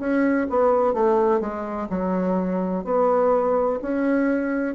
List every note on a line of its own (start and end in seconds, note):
0.00 0.48 C#4
0.50 0.94 B3
0.94 1.41 A3
1.41 1.88 G#3
1.90 2.85 F#3
2.85 3.80 B3
3.83 4.75 C#4